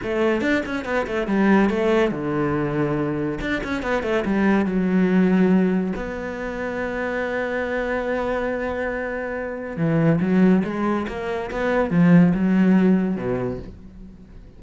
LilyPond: \new Staff \with { instrumentName = "cello" } { \time 4/4 \tempo 4 = 141 a4 d'8 cis'8 b8 a8 g4 | a4 d2. | d'8 cis'8 b8 a8 g4 fis4~ | fis2 b2~ |
b1~ | b2. e4 | fis4 gis4 ais4 b4 | f4 fis2 b,4 | }